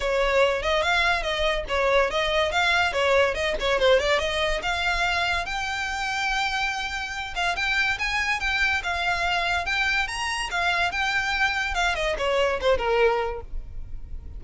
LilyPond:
\new Staff \with { instrumentName = "violin" } { \time 4/4 \tempo 4 = 143 cis''4. dis''8 f''4 dis''4 | cis''4 dis''4 f''4 cis''4 | dis''8 cis''8 c''8 d''8 dis''4 f''4~ | f''4 g''2.~ |
g''4. f''8 g''4 gis''4 | g''4 f''2 g''4 | ais''4 f''4 g''2 | f''8 dis''8 cis''4 c''8 ais'4. | }